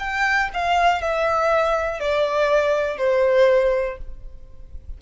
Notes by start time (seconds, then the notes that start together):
0.00 G5
0.54 F5
1.02 E5
2.00 D5
2.98 C5